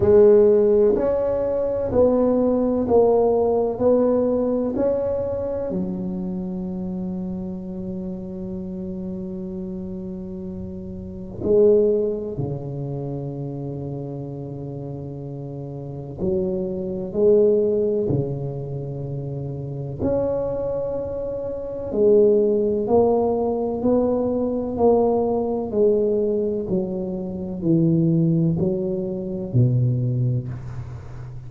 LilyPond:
\new Staff \with { instrumentName = "tuba" } { \time 4/4 \tempo 4 = 63 gis4 cis'4 b4 ais4 | b4 cis'4 fis2~ | fis1 | gis4 cis2.~ |
cis4 fis4 gis4 cis4~ | cis4 cis'2 gis4 | ais4 b4 ais4 gis4 | fis4 e4 fis4 b,4 | }